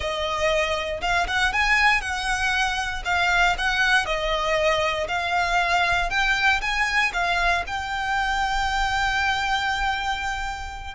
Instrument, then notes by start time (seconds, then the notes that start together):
violin
0.00 D#5
1.01 F5
1.27 F#5
1.52 G#5
2.01 F#5
3.05 F5
3.58 F#5
4.05 D#5
5.08 F5
6.09 G5
6.61 G#5
7.13 F5
7.66 G5